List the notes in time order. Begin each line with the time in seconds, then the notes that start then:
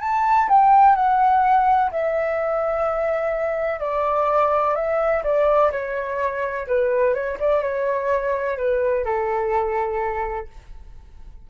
0.00 A5
0.48 G5
0.95 F#5
1.90 E5
3.80 D5
4.75 E5
5.23 D5
5.71 C#5
6.67 B4
7.13 C#5
7.39 D5
7.61 C#5
8.57 B4
9.04 A4